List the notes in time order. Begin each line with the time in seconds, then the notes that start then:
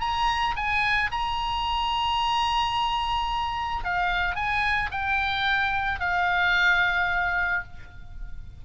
0.00 A#5
0.56 G#5
1.11 A#5
3.84 F5
4.35 G#5
4.91 G5
6.00 F5